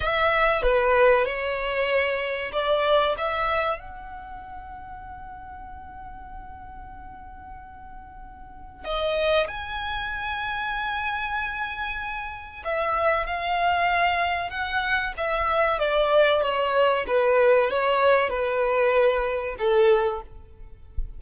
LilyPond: \new Staff \with { instrumentName = "violin" } { \time 4/4 \tempo 4 = 95 e''4 b'4 cis''2 | d''4 e''4 fis''2~ | fis''1~ | fis''2 dis''4 gis''4~ |
gis''1 | e''4 f''2 fis''4 | e''4 d''4 cis''4 b'4 | cis''4 b'2 a'4 | }